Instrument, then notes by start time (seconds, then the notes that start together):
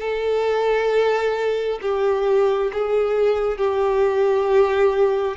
violin
0.00 A4
1.82 G4
2.73 G#4
3.57 G4